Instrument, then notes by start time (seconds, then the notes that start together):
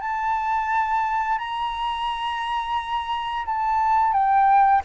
flute
0.00 A5
1.38 A#5
3.45 A5
4.13 G5